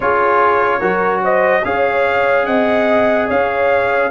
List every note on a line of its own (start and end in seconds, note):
0.00 0.81 C#4
0.00 0.80 F4
0.00 0.79 G#4
0.00 1.23 C#5
0.79 1.63 F#3
0.79 1.62 F#4
0.79 1.20 A#4
1.23 1.64 C5
1.23 1.64 D#5
1.64 2.46 C#4
1.64 4.10 G#4
1.64 2.46 C#5
1.64 2.45 F5
2.45 3.29 C4
2.45 3.27 D#5
2.45 3.27 F#5
3.27 4.10 C#4
3.27 4.09 C#5
3.27 4.10 F5